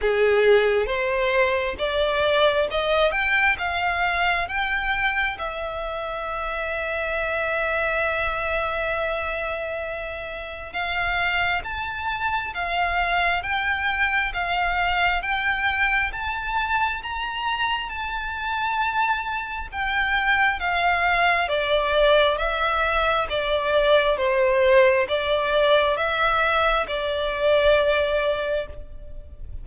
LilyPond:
\new Staff \with { instrumentName = "violin" } { \time 4/4 \tempo 4 = 67 gis'4 c''4 d''4 dis''8 g''8 | f''4 g''4 e''2~ | e''1 | f''4 a''4 f''4 g''4 |
f''4 g''4 a''4 ais''4 | a''2 g''4 f''4 | d''4 e''4 d''4 c''4 | d''4 e''4 d''2 | }